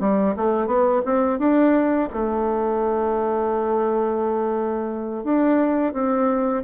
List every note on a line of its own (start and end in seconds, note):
0.00 0.35 G3
0.37 0.67 A3
0.67 1.02 B3
1.05 1.39 C4
1.39 2.09 D4
2.13 5.24 A3
5.24 5.93 D4
5.93 6.63 C4